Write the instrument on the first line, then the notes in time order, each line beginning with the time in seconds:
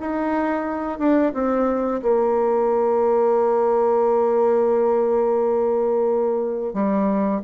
bassoon
0.00 D#4
0.99 D4
1.34 C4
2.02 A#3
6.74 G3